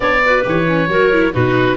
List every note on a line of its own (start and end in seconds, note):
0.00 0.44 B3
0.00 0.21 D4
0.00 0.23 C#5
0.00 0.43 D5
0.25 0.43 F#4
0.25 0.90 B4
0.43 0.87 E3
0.43 0.65 G4
0.43 1.34 C#5
0.67 0.89 C#4
0.87 1.31 F#3
0.87 1.12 F#4
0.87 1.32 A#4
1.12 1.33 E4
1.32 1.77 B2
1.32 1.77 D#4
1.32 1.77 F#4
1.32 1.77 B4